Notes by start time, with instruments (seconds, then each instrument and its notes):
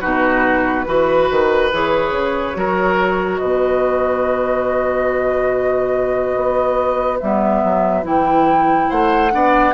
0.00 bassoon B2, clarinet D#4, oboe F#4, flute B4
0.85 bassoon E3, clarinet F#4, oboe B4
1.30 bassoon D#3
1.71 bassoon E3, clarinet G#4, flute C#5
2.11 bassoon C#3
2.54 bassoon F#3, clarinet F#4, oboe A#4
3.38 bassoon B2, oboe B4, flute D#5
6.36 bassoon B3
7.20 bassoon G3, clarinet B3, flute E5
7.63 bassoon F#3
8.03 bassoon E3, clarinet E4, flute G5
8.89 bassoon A3, oboe C5, flute F#5
9.30 bassoon B3, clarinet D4, oboe D5